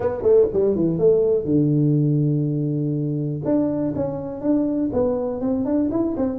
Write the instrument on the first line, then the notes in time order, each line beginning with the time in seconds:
tuba
0.00 B3
0.22 A3
0.53 G3
0.75 E3
0.98 A3
1.44 D3
3.44 D4
3.95 C#4
4.41 D4
4.92 B3
5.41 C4
5.65 D4
5.91 E4
6.17 C4